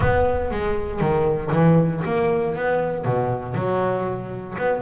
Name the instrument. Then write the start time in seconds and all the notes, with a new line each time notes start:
double bass
0.00 B3
0.50 G#3
1.00 D#3
1.52 E3
2.05 A#3
2.55 B3
3.04 B2
3.54 F#3
4.58 B3